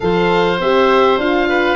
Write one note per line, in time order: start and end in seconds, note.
0.00 0.59 F3
0.00 0.58 A4
0.00 1.48 C5
0.00 0.60 F5
0.59 1.17 C4
0.59 1.19 G4
0.59 1.19 E5
1.17 1.75 D4
1.17 1.75 F4
1.17 1.75 F5
1.48 1.75 B4